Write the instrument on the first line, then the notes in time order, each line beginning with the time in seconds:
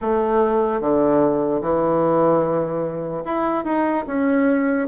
bassoon
0.01 A3
0.81 D3
1.61 E3
3.24 E4
3.64 D#4
4.07 C#4